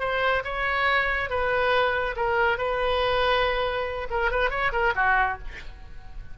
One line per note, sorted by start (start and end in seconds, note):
0.00 0.43 C5
0.44 1.30 C#5
1.30 2.15 B4
2.16 2.58 A#4
2.58 4.08 B4
4.10 4.31 A#4
4.31 4.50 B4
4.50 4.72 C#5
4.72 4.93 A#4
4.95 5.38 F#4